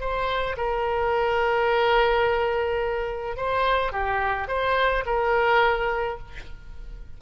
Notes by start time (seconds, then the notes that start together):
0.00 C5
0.57 A#4
3.37 C5
3.92 G4
4.48 C5
5.06 A#4